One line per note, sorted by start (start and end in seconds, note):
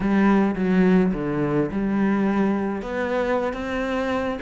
0.00 0.55 G3
0.55 1.12 F#3
1.13 1.70 D3
1.71 2.82 G3
2.82 3.53 B3
3.53 4.39 C4